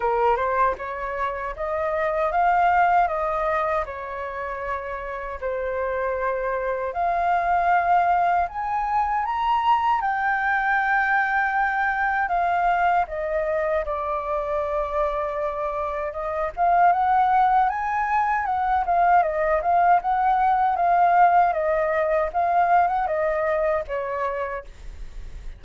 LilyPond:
\new Staff \with { instrumentName = "flute" } { \time 4/4 \tempo 4 = 78 ais'8 c''8 cis''4 dis''4 f''4 | dis''4 cis''2 c''4~ | c''4 f''2 gis''4 | ais''4 g''2. |
f''4 dis''4 d''2~ | d''4 dis''8 f''8 fis''4 gis''4 | fis''8 f''8 dis''8 f''8 fis''4 f''4 | dis''4 f''8. fis''16 dis''4 cis''4 | }